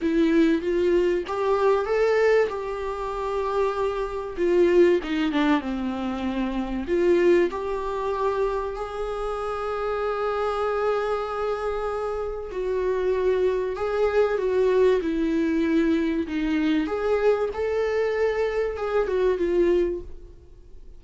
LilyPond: \new Staff \with { instrumentName = "viola" } { \time 4/4 \tempo 4 = 96 e'4 f'4 g'4 a'4 | g'2. f'4 | dis'8 d'8 c'2 f'4 | g'2 gis'2~ |
gis'1 | fis'2 gis'4 fis'4 | e'2 dis'4 gis'4 | a'2 gis'8 fis'8 f'4 | }